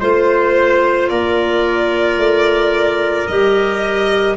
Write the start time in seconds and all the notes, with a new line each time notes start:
0.00 A3 F4 C5
1.09 A#3 A#4 D5
2.17 A3
3.27 G3 G4 D#5